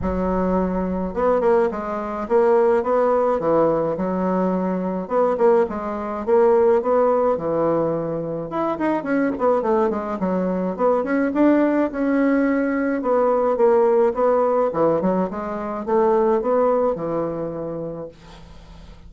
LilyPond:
\new Staff \with { instrumentName = "bassoon" } { \time 4/4 \tempo 4 = 106 fis2 b8 ais8 gis4 | ais4 b4 e4 fis4~ | fis4 b8 ais8 gis4 ais4 | b4 e2 e'8 dis'8 |
cis'8 b8 a8 gis8 fis4 b8 cis'8 | d'4 cis'2 b4 | ais4 b4 e8 fis8 gis4 | a4 b4 e2 | }